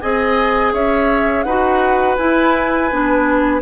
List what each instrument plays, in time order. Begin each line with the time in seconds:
0.00 bassoon C4, clarinet G#4, oboe D#5, flute G#5
0.73 bassoon C#4, oboe C#5, flute E5
1.43 bassoon D#4, clarinet F#4, oboe B4, flute F#5
2.17 clarinet E4, bassoon E4, flute G#5
2.90 bassoon B3, clarinet D4